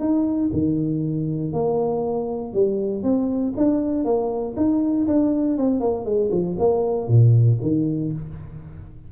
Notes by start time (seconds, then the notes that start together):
0.00 D#4
0.53 D#3
1.53 A#3
2.54 G3
3.04 C4
3.57 D4
4.05 A#3
4.57 D#4
5.08 D4
5.58 C4
5.81 A#3
6.05 G#3
6.32 F3
6.59 A#3
7.08 A#2
7.62 D#3